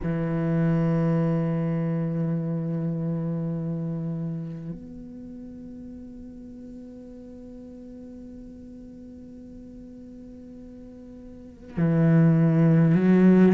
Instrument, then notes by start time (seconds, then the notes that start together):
cello
0.03 E3
4.71 B3
11.76 E3
12.94 F#3